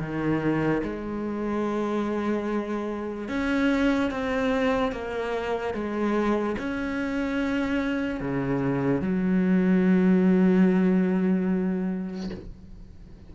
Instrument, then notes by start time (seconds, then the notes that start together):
cello
0.00 D#3
0.84 G#3
3.29 C#4
4.11 C4
4.92 A#3
5.74 G#3
6.59 C#4
8.20 C#3
9.02 F#3